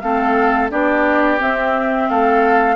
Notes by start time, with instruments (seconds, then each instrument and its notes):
0.00 bassoon A3, clarinet C4, oboe A4, flute F5
0.70 bassoon B3, clarinet D4, oboe G4, flute D5
1.39 clarinet C4, bassoon C4, flute E5
2.10 bassoon A3, oboe A4, flute F5